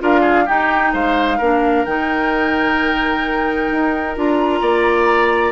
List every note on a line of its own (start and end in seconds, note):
0.00 0.49 D4
0.00 0.46 F4
0.00 0.21 A#4
0.00 0.48 F5
0.21 0.44 G#4
0.46 1.39 D#4
0.46 0.94 D#4
0.46 0.92 G4
0.46 0.94 G5
0.93 1.40 G#3
0.93 1.38 C5
0.93 1.86 F5
1.38 1.86 A#3
1.38 1.87 D4
1.38 4.61 A#4
1.86 3.71 D#3
1.86 4.16 D#4
1.86 4.16 G5
3.71 4.17 D#4
4.16 4.62 D4
4.16 5.52 F4
4.16 5.52 A#5
4.62 5.52 A#3
4.62 5.52 D5